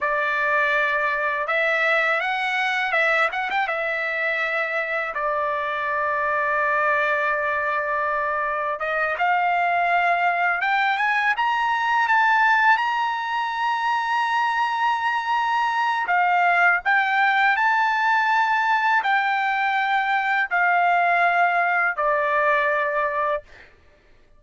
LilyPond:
\new Staff \with { instrumentName = "trumpet" } { \time 4/4 \tempo 4 = 82 d''2 e''4 fis''4 | e''8 fis''16 g''16 e''2 d''4~ | d''1 | dis''8 f''2 g''8 gis''8 ais''8~ |
ais''8 a''4 ais''2~ ais''8~ | ais''2 f''4 g''4 | a''2 g''2 | f''2 d''2 | }